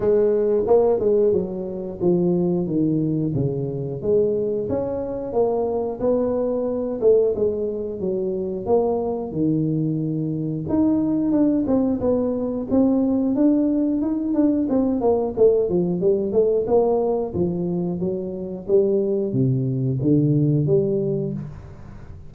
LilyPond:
\new Staff \with { instrumentName = "tuba" } { \time 4/4 \tempo 4 = 90 gis4 ais8 gis8 fis4 f4 | dis4 cis4 gis4 cis'4 | ais4 b4. a8 gis4 | fis4 ais4 dis2 |
dis'4 d'8 c'8 b4 c'4 | d'4 dis'8 d'8 c'8 ais8 a8 f8 | g8 a8 ais4 f4 fis4 | g4 c4 d4 g4 | }